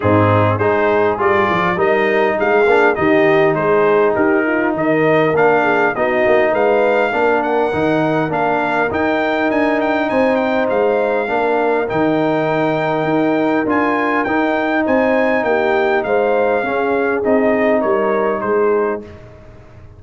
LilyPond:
<<
  \new Staff \with { instrumentName = "trumpet" } { \time 4/4 \tempo 4 = 101 gis'4 c''4 d''4 dis''4 | f''4 dis''4 c''4 ais'4 | dis''4 f''4 dis''4 f''4~ | f''8 fis''4. f''4 g''4 |
gis''8 g''8 gis''8 g''8 f''2 | g''2. gis''4 | g''4 gis''4 g''4 f''4~ | f''4 dis''4 cis''4 c''4 | }
  \new Staff \with { instrumentName = "horn" } { \time 4/4 dis'4 gis'2 ais'4 | gis'4 g'4 gis'4 g'8 f'8 | ais'4. gis'8 fis'4 b'4 | ais'1~ |
ais'4 c''2 ais'4~ | ais'1~ | ais'4 c''4 g'4 c''4 | gis'2 ais'4 gis'4 | }
  \new Staff \with { instrumentName = "trombone" } { \time 4/4 c'4 dis'4 f'4 dis'4~ | dis'8 d'8 dis'2.~ | dis'4 d'4 dis'2 | d'4 dis'4 d'4 dis'4~ |
dis'2. d'4 | dis'2. f'4 | dis'1 | cis'4 dis'2. | }
  \new Staff \with { instrumentName = "tuba" } { \time 4/4 gis,4 gis4 g8 f8 g4 | gis8 ais8 dis4 gis4 dis'4 | dis4 ais4 b8 ais8 gis4 | ais4 dis4 ais4 dis'4 |
d'4 c'4 gis4 ais4 | dis2 dis'4 d'4 | dis'4 c'4 ais4 gis4 | cis'4 c'4 g4 gis4 | }
>>